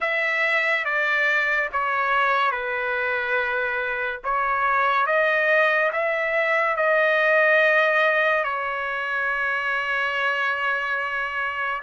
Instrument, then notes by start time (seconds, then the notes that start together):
trumpet
0.00 E5
0.85 D5
1.72 C#5
2.51 B4
4.23 C#5
5.06 D#5
5.92 E5
6.76 D#5
8.44 C#5